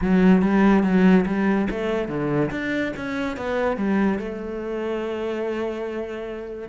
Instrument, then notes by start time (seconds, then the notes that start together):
cello
0.01 F#3
0.42 G3
0.83 F#3
1.26 G3
1.70 A3
2.08 D3
2.51 D4
2.96 C#4
3.36 B3
3.76 G3
4.18 A3